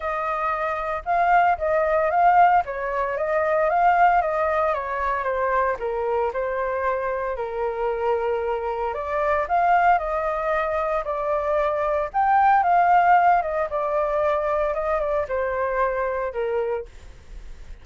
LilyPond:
\new Staff \with { instrumentName = "flute" } { \time 4/4 \tempo 4 = 114 dis''2 f''4 dis''4 | f''4 cis''4 dis''4 f''4 | dis''4 cis''4 c''4 ais'4 | c''2 ais'2~ |
ais'4 d''4 f''4 dis''4~ | dis''4 d''2 g''4 | f''4. dis''8 d''2 | dis''8 d''8 c''2 ais'4 | }